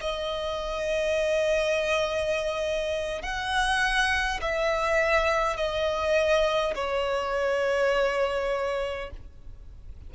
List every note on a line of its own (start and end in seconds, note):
0.00 3.22 D#5
3.22 4.40 F#5
4.41 5.56 E5
5.56 6.74 D#5
6.74 9.10 C#5